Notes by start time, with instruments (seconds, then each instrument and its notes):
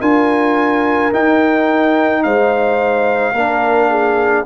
0.00 tuba D4, trombone F4, horn A#4, trumpet G#5
1.12 trombone D#4, tuba D#4, trumpet G5
2.23 tuba G#3, horn C5, trumpet F5
3.32 tuba A#3, trombone D4, horn A#4
3.89 horn G#4